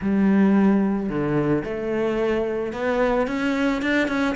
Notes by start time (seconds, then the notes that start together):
0.01 G3
1.09 D3
1.64 A3
2.72 B3
3.27 C#4
3.82 D4
4.08 C#4